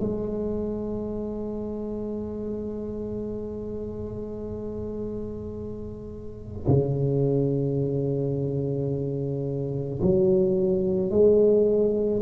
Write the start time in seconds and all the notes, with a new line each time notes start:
0.00 G#3
6.67 C#3
10.02 F#3
11.11 G#3